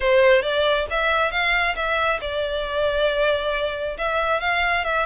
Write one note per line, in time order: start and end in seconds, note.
0.00 0.42 C5
0.42 0.86 D5
0.90 1.31 E5
1.31 1.75 F5
1.75 2.20 E5
2.20 3.97 D5
3.97 4.40 E5
4.40 4.84 F5
4.84 5.06 E5